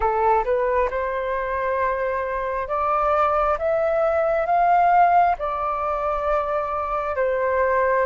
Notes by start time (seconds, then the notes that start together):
0.00 A4
0.44 B4
0.90 C5
2.67 D5
3.58 E5
4.45 F5
5.38 D5
7.16 C5